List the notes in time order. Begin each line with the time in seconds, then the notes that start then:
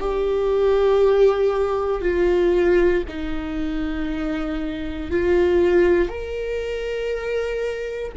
0.00 G4
2.02 F4
3.08 D#4
5.11 F4
6.09 A#4